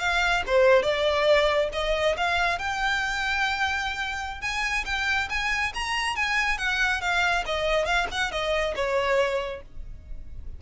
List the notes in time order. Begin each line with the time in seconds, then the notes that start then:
0.00 F5
0.47 C5
0.82 D5
1.73 D#5
2.17 F5
2.58 G5
4.41 G#5
4.85 G5
5.29 G#5
5.74 A#5
6.16 G#5
6.58 F#5
7.01 F5
7.46 D#5
7.85 F5
8.12 F#5
8.32 D#5
8.75 C#5